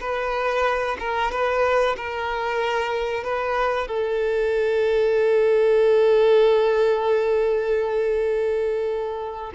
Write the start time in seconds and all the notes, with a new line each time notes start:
0.00 B4
0.99 A#4
1.31 B4
1.97 A#4
3.24 B4
3.88 A4